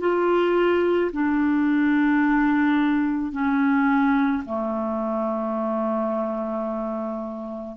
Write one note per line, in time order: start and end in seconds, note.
0.00 1.11 F4
1.13 3.32 D4
3.32 4.43 C#4
4.45 7.77 A3